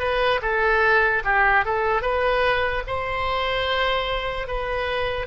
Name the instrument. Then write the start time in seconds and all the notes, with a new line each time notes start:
oboe
0.00 B4
0.42 A4
1.25 G4
1.66 A4
2.02 B4
2.88 C5
4.48 B4